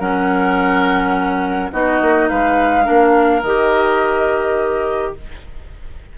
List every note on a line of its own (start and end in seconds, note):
0.00 1.72 F#3
0.00 1.72 C#4
0.00 1.71 A#4
0.00 1.72 F#5
1.72 2.01 B3
1.72 2.85 D#4
1.72 2.30 F#4
1.72 2.29 D#5
2.02 2.30 A#3
2.29 2.88 G#3
2.29 2.85 B4
2.29 3.43 F5
2.85 3.43 A#3
2.85 3.42 D4
2.85 5.14 A#4
3.43 5.15 D#3
3.43 5.18 G4
3.43 5.15 D#5